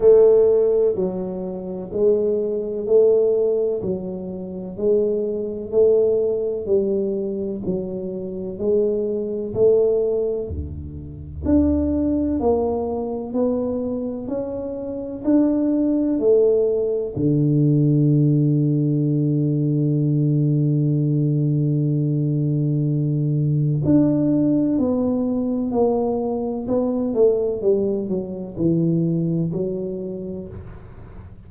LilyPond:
\new Staff \with { instrumentName = "tuba" } { \time 4/4 \tempo 4 = 63 a4 fis4 gis4 a4 | fis4 gis4 a4 g4 | fis4 gis4 a4 d,4 | d'4 ais4 b4 cis'4 |
d'4 a4 d2~ | d1~ | d4 d'4 b4 ais4 | b8 a8 g8 fis8 e4 fis4 | }